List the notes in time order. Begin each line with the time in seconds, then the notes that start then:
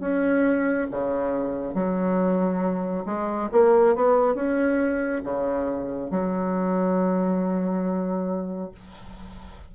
0.00 C#4
0.91 C#3
1.74 F#3
3.05 G#3
3.52 A#3
3.96 B3
4.35 C#4
5.24 C#3
6.10 F#3